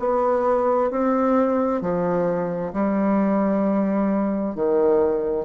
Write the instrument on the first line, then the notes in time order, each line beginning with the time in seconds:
bassoon
0.00 B3
0.91 C4
1.82 F3
2.73 G3
4.55 D#3